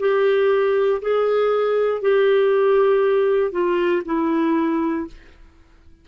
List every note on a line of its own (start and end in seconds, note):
0.00 1.02 G4
1.02 2.02 G#4
2.02 3.52 G4
3.52 4.03 F4
4.06 5.08 E4